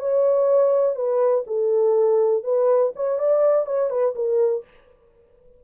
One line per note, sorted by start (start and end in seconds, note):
0.00 0.96 C#5
0.96 1.45 B4
1.47 2.44 A4
2.44 2.93 B4
2.96 3.19 C#5
3.19 3.66 D5
3.66 3.91 C#5
3.91 4.15 B4
4.16 4.65 A#4